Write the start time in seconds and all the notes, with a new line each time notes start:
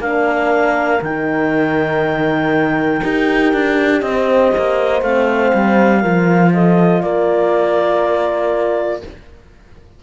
0.00 A#3 D4 A#4 F5
1.02 D#3 D#4 G5
3.04 D#4 G4
3.54 D4
4.02 C4 C5 D#5
4.58 A#3
5.02 A3 C4 F5
5.54 G3
6.02 F3 F4 A#4
6.54 A4 D#5
7.02 A#3 A#4 D5